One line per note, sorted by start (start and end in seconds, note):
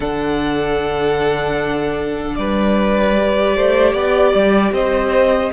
0.00 2.37 D3
0.00 3.16 D4
0.00 2.35 A4
0.00 2.35 F#5
2.35 3.55 G3
2.35 3.55 B4
2.35 4.72 D5
3.16 5.53 G4
3.55 3.94 A3
3.55 3.93 C5
3.93 4.33 B3
3.93 4.72 D5
4.34 4.72 G3
4.72 5.50 C4
4.72 5.52 C5
4.72 5.53 D#5